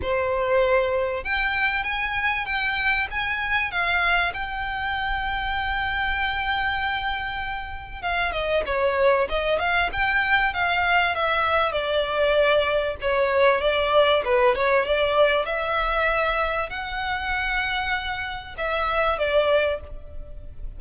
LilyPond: \new Staff \with { instrumentName = "violin" } { \time 4/4 \tempo 4 = 97 c''2 g''4 gis''4 | g''4 gis''4 f''4 g''4~ | g''1~ | g''4 f''8 dis''8 cis''4 dis''8 f''8 |
g''4 f''4 e''4 d''4~ | d''4 cis''4 d''4 b'8 cis''8 | d''4 e''2 fis''4~ | fis''2 e''4 d''4 | }